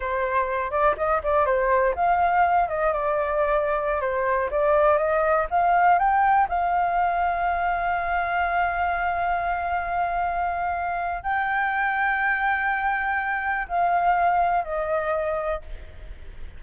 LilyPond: \new Staff \with { instrumentName = "flute" } { \time 4/4 \tempo 4 = 123 c''4. d''8 dis''8 d''8 c''4 | f''4. dis''8 d''2~ | d''16 c''4 d''4 dis''4 f''8.~ | f''16 g''4 f''2~ f''8.~ |
f''1~ | f''2. g''4~ | g''1 | f''2 dis''2 | }